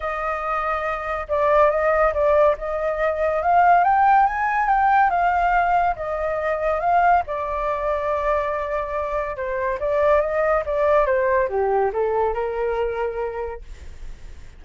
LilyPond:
\new Staff \with { instrumentName = "flute" } { \time 4/4 \tempo 4 = 141 dis''2. d''4 | dis''4 d''4 dis''2 | f''4 g''4 gis''4 g''4 | f''2 dis''2 |
f''4 d''2.~ | d''2 c''4 d''4 | dis''4 d''4 c''4 g'4 | a'4 ais'2. | }